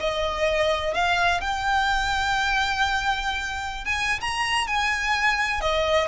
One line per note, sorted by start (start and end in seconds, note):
0.00 0.94 D#5
0.94 1.40 F5
1.40 3.85 G5
3.85 4.20 G#5
4.21 4.67 A#5
4.67 5.60 G#5
5.60 6.07 D#5